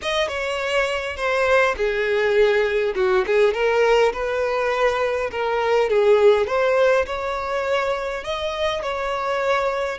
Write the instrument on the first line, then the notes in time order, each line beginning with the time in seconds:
violin
0.02 D#5
0.28 C#5
1.16 C5
1.76 G#4
2.95 F#4
3.26 G#4
3.53 A#4
4.12 B4
5.31 A#4
5.89 G#4
6.46 C5
7.06 C#5
8.24 D#5
8.82 C#5